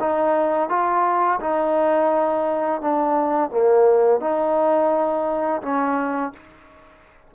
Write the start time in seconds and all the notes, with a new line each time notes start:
0.00 D#4
0.69 F4
1.41 D#4
2.81 D4
3.51 A#3
4.21 D#4
5.62 C#4